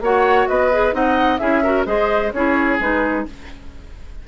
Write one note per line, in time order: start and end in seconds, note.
0.00 0.46 A#3
0.00 0.71 F#4
0.00 0.49 C#5
0.00 0.47 F#5
0.47 0.93 B3
0.47 0.95 B4
0.47 0.93 D#5
0.71 0.92 G#4
0.92 1.39 C4
0.92 1.38 D#4
0.92 1.40 D#5
0.92 1.38 F#5
1.38 1.86 C#4
1.38 1.62 E4
1.38 1.63 G#4
1.38 1.84 E5
1.63 1.85 F#4
1.63 1.86 A#4
1.85 2.32 G#3
1.85 2.31 G#4
1.85 2.32 C5
1.85 2.32 D#5
2.32 2.79 C#4
2.32 2.79 E4
2.32 3.27 G#4
2.32 2.78 C#5
2.79 3.25 G#3
2.79 3.26 D#4
2.79 3.27 B4